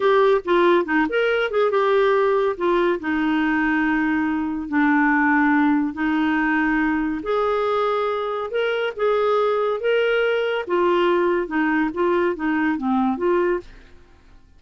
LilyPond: \new Staff \with { instrumentName = "clarinet" } { \time 4/4 \tempo 4 = 141 g'4 f'4 dis'8 ais'4 gis'8 | g'2 f'4 dis'4~ | dis'2. d'4~ | d'2 dis'2~ |
dis'4 gis'2. | ais'4 gis'2 ais'4~ | ais'4 f'2 dis'4 | f'4 dis'4 c'4 f'4 | }